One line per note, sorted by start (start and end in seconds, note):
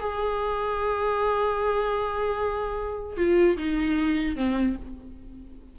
0.00 3.17 G#4
3.17 3.57 F4
3.57 4.36 D#4
4.36 4.76 C4